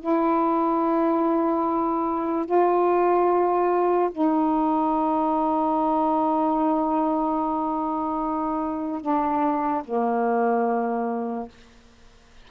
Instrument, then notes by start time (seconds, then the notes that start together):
saxophone
0.00 E4
2.46 F4
4.12 D#4
9.01 D4
9.84 A#3